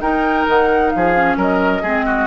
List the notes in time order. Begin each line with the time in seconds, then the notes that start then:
0.00 D#4 A#4 G5
0.48 D#3 F#5
0.91 F3 F5
0.97 G#4
1.14 C#4
1.37 F#3 A#4 D#5
1.83 G#3 C4 G#4
2.06 F#4